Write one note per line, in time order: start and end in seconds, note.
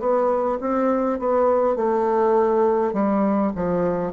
0.00 0.59 B3
0.61 1.20 C4
1.20 1.76 B3
1.76 2.94 A3
2.94 3.52 G3
3.56 4.13 F3